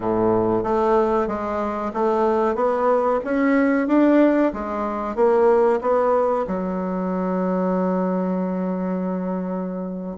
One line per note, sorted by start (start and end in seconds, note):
0.00 0.63 A2
0.63 1.27 A3
1.27 1.91 G#3
1.93 2.55 A3
2.55 3.19 B3
3.24 3.87 C#4
3.87 4.52 D4
4.53 5.15 G#3
5.15 5.80 A#3
5.81 6.45 B3
6.47 10.17 F#3